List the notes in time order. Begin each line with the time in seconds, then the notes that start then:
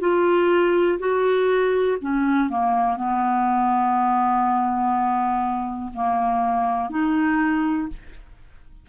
0.00 F4
0.99 F#4
2.01 C#4
2.49 A#3
2.96 B3
5.93 A#3
6.90 D#4